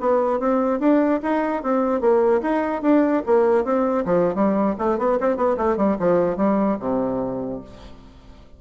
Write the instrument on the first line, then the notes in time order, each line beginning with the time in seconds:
bassoon
0.00 B3
0.40 C4
0.80 D4
1.22 D#4
1.63 C4
2.01 A#3
2.42 D#4
2.82 D4
3.26 A#3
3.64 C4
4.05 F3
4.35 G3
4.78 A3
4.98 B3
5.20 C4
5.37 B3
5.57 A3
5.77 G3
5.99 F3
6.37 G3
6.80 C3